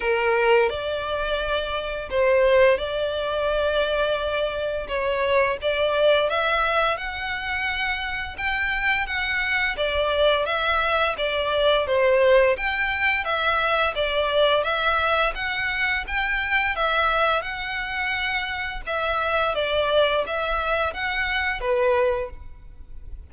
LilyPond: \new Staff \with { instrumentName = "violin" } { \time 4/4 \tempo 4 = 86 ais'4 d''2 c''4 | d''2. cis''4 | d''4 e''4 fis''2 | g''4 fis''4 d''4 e''4 |
d''4 c''4 g''4 e''4 | d''4 e''4 fis''4 g''4 | e''4 fis''2 e''4 | d''4 e''4 fis''4 b'4 | }